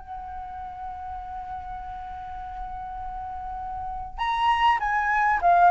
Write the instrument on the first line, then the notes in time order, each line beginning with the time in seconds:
flute
0.00 F#5
4.19 A#5
4.80 G#5
5.42 F5